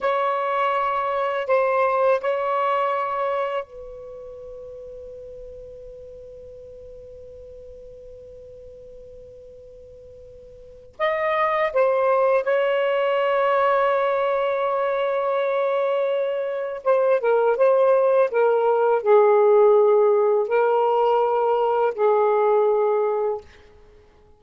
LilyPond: \new Staff \with { instrumentName = "saxophone" } { \time 4/4 \tempo 4 = 82 cis''2 c''4 cis''4~ | cis''4 b'2.~ | b'1~ | b'2. dis''4 |
c''4 cis''2.~ | cis''2. c''8 ais'8 | c''4 ais'4 gis'2 | ais'2 gis'2 | }